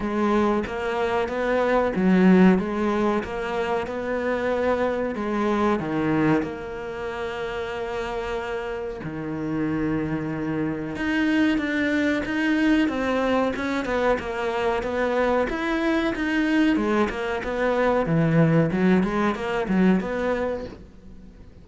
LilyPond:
\new Staff \with { instrumentName = "cello" } { \time 4/4 \tempo 4 = 93 gis4 ais4 b4 fis4 | gis4 ais4 b2 | gis4 dis4 ais2~ | ais2 dis2~ |
dis4 dis'4 d'4 dis'4 | c'4 cis'8 b8 ais4 b4 | e'4 dis'4 gis8 ais8 b4 | e4 fis8 gis8 ais8 fis8 b4 | }